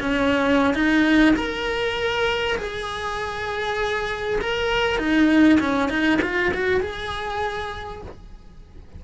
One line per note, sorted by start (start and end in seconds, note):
0.00 0.74 C#4
0.74 1.35 D#4
1.36 2.57 A#4
2.58 4.39 G#4
4.41 4.98 A#4
4.98 5.59 D#4
5.60 5.89 C#4
5.89 6.20 D#4
6.22 6.52 F4
6.54 6.80 F#4
6.80 8.02 G#4